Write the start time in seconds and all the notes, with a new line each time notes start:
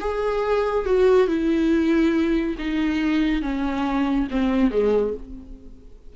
0.00 G#4
0.85 F#4
1.27 E4
2.58 D#4
3.41 C#4
4.30 C4
4.71 G#3